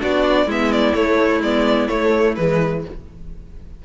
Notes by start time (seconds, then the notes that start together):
0.00 B3 D4 F#4 D5
0.46 G#3 B3 E4 E5
0.72 D5
0.94 A3 C#5
1.41 G#3 B3 D5
1.88 A3 C#5
2.36 E3 G#3 B4